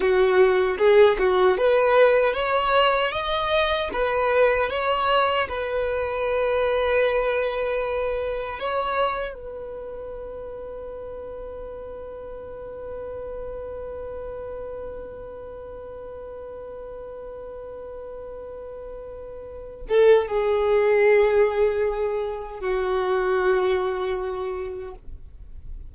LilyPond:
\new Staff \with { instrumentName = "violin" } { \time 4/4 \tempo 4 = 77 fis'4 gis'8 fis'8 b'4 cis''4 | dis''4 b'4 cis''4 b'4~ | b'2. cis''4 | b'1~ |
b'1~ | b'1~ | b'4. a'8 gis'2~ | gis'4 fis'2. | }